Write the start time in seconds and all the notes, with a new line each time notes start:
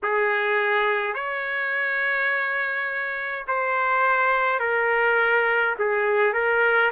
0.03 G#4
1.14 C#5
3.47 C5
4.59 A#4
5.78 G#4
6.33 A#4